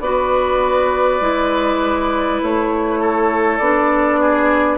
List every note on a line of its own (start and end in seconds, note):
0.00 1.20 B3
0.00 1.21 F#4
0.00 3.00 B4
0.00 2.40 D5
1.20 2.40 G#3
1.20 3.60 E4
2.42 3.59 A3
2.42 3.58 C#5
3.00 4.20 A4
3.58 4.78 B3
3.58 4.78 D4
3.58 4.78 D5
4.20 4.78 G#4